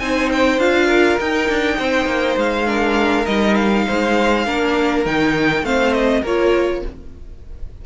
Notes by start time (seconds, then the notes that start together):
0.00 C4 D#4 C5 G#5
0.32 G5
0.58 D4 F4 F5
0.87 A#4
1.20 D#4 G5
1.49 D4
1.79 C4 C5
2.06 A#3
2.37 G#3 F5
2.67 D4 A#4
3.26 G3 D#4 D#5
3.56 F5
3.87 G#3 C5
4.46 A#3 D4 A#4
5.06 D#3 D#4 G5
5.63 A3 C4 C5 F5
5.94 D#5
6.22 A#3 F4 A#4 C#5